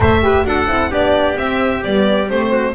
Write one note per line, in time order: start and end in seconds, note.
0.00 0.44 A3
0.00 0.22 A4
0.00 0.23 C5
0.00 0.46 E5
0.22 0.44 G4
0.22 0.47 B4
0.44 0.68 D4
0.44 0.66 F#4
0.44 0.90 A4
0.44 0.92 F#5
0.68 0.91 C4
0.68 0.90 E4
0.90 1.37 B3
0.90 1.35 D4
0.90 2.50 G4
0.90 1.37 D5
1.35 1.81 C4
1.35 1.84 C4
1.35 1.83 E5
1.83 2.30 G3
1.83 2.27 B3
1.83 2.29 D5
2.27 2.74 A3
2.27 2.73 C4
2.27 2.74 C5
2.51 2.74 F#4